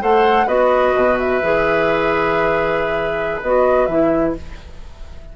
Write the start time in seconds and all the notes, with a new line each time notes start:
0.00 A3 A4 C5 F#5
0.47 B3 F#4 B4 D#5
0.95 B2
1.19 E5
1.42 E3 G#4
3.42 B3 F#4 D#5
3.86 E3 E4 E5